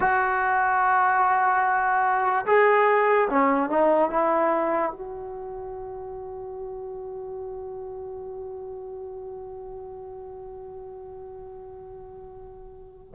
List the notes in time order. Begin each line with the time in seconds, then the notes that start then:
0.00 F#4
2.46 G#4
3.29 C#4
3.69 D#4
4.10 E4
4.92 F#4